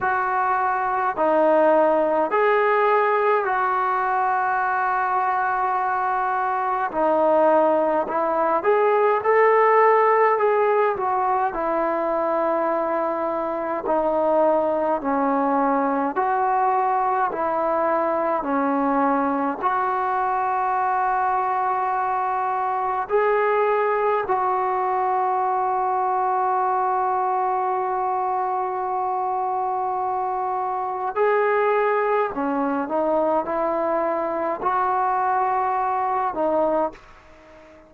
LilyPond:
\new Staff \with { instrumentName = "trombone" } { \time 4/4 \tempo 4 = 52 fis'4 dis'4 gis'4 fis'4~ | fis'2 dis'4 e'8 gis'8 | a'4 gis'8 fis'8 e'2 | dis'4 cis'4 fis'4 e'4 |
cis'4 fis'2. | gis'4 fis'2.~ | fis'2. gis'4 | cis'8 dis'8 e'4 fis'4. dis'8 | }